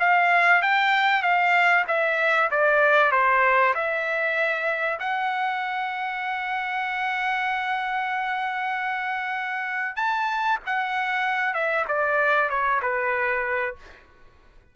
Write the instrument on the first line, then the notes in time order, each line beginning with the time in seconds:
trumpet
0.00 F5
0.62 G5
1.23 F5
1.88 E5
2.51 D5
3.12 C5
3.75 E5
5.00 F#5
9.96 A5
10.66 F#5
11.54 E5
11.88 D5
12.50 C#5
12.82 B4